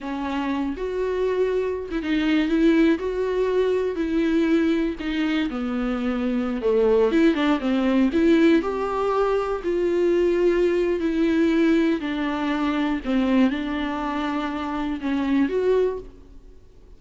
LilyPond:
\new Staff \with { instrumentName = "viola" } { \time 4/4 \tempo 4 = 120 cis'4. fis'2~ fis'16 e'16 | dis'4 e'4 fis'2 | e'2 dis'4 b4~ | b4~ b16 a4 e'8 d'8 c'8.~ |
c'16 e'4 g'2 f'8.~ | f'2 e'2 | d'2 c'4 d'4~ | d'2 cis'4 fis'4 | }